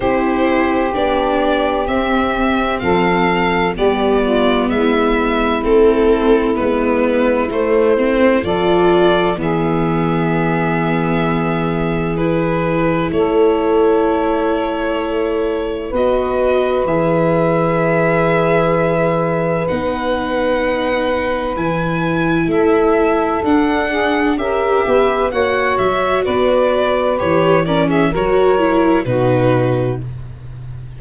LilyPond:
<<
  \new Staff \with { instrumentName = "violin" } { \time 4/4 \tempo 4 = 64 c''4 d''4 e''4 f''4 | d''4 e''4 a'4 b'4 | c''4 d''4 e''2~ | e''4 b'4 cis''2~ |
cis''4 dis''4 e''2~ | e''4 fis''2 gis''4 | e''4 fis''4 e''4 fis''8 e''8 | d''4 cis''8 d''16 e''16 cis''4 b'4 | }
  \new Staff \with { instrumentName = "saxophone" } { \time 4/4 g'2. a'4 | g'8 f'8 e'2.~ | e'4 a'4 gis'2~ | gis'2 a'2~ |
a'4 b'2.~ | b'1 | a'4. gis'8 ais'8 b'8 cis''4 | b'4. ais'16 gis'16 ais'4 fis'4 | }
  \new Staff \with { instrumentName = "viola" } { \time 4/4 e'4 d'4 c'2 | b2 c'4 b4 | a8 c'8 f'4 b2~ | b4 e'2.~ |
e'4 fis'4 gis'2~ | gis'4 dis'2 e'4~ | e'4 d'4 g'4 fis'4~ | fis'4 g'8 cis'8 fis'8 e'8 dis'4 | }
  \new Staff \with { instrumentName = "tuba" } { \time 4/4 c'4 b4 c'4 f4 | g4 gis4 a4 gis4 | a4 f4 e2~ | e2 a2~ |
a4 b4 e2~ | e4 b2 e4 | a4 d'4 cis'8 b8 ais8 fis8 | b4 e4 fis4 b,4 | }
>>